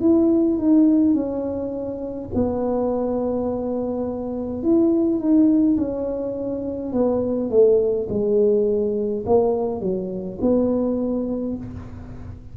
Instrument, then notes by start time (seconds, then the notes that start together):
tuba
0.00 E4
0.58 D#4
1.14 C#4
2.34 B3
4.63 E4
5.18 D#4
5.77 C#4
6.92 B3
7.49 A3
8.09 G#3
9.26 A#3
9.81 F#3
10.41 B3